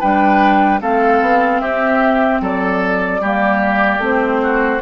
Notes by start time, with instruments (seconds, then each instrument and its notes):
0.00 bassoon G3, clarinet D4, oboe B4, flute G5
0.81 bassoon A3, clarinet C4, oboe A4, flute F5
1.21 bassoon B3
1.61 bassoon C4, oboe G4, flute E5
2.41 bassoon F#3, oboe A4, flute D5
3.20 bassoon G3, clarinet A#3, oboe G4
3.98 bassoon A3, clarinet C4
4.04 flute C5
4.43 oboe F#4